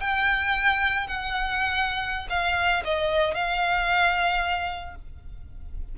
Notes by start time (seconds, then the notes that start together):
0.00 G5
1.07 F#5
2.29 F5
2.84 D#5
3.34 F5